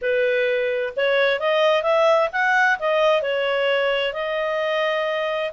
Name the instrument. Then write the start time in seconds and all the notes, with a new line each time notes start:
clarinet
0.01 B4
0.96 C#5
1.39 D#5
1.83 E5
2.32 F#5
2.79 D#5
3.22 C#5
4.13 D#5